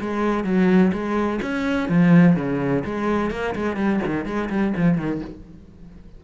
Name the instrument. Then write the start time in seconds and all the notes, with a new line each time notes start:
cello
0.00 G#3
0.44 F#3
0.92 G#3
1.42 C#4
1.89 F3
2.36 C#3
2.85 G#3
3.31 A#3
3.55 G#3
3.76 G3
4.05 D#3
4.25 G#3
4.49 G3
4.77 F3
4.97 D#3